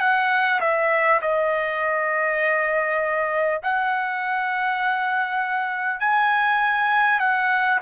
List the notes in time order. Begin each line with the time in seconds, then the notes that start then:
0.00 F#5
0.60 E5
1.21 D#5
3.63 F#5
5.99 G#5
7.19 F#5